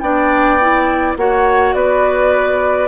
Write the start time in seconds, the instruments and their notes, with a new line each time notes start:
0.00 bassoon B3, clarinet D4, oboe D5, flute G5
0.61 clarinet E4
1.17 bassoon A#3, clarinet F#4, oboe C#5, flute F#5
1.74 bassoon B3, oboe B4, flute D5